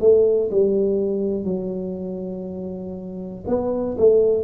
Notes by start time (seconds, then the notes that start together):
0.00 A3
0.50 G3
1.44 F#3
3.46 B3
3.97 A3